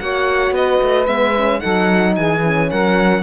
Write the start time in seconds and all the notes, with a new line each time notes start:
0.00 A#3 F#4 C#5 F#5
0.51 B3 B4 D#5
0.83 A3
1.07 G#3 B3 E5
1.37 C#4
1.60 F#3 D#4 A4 F#5
2.16 E3 G#4 G#5
2.44 C#4
2.70 F#3 A#4 F#5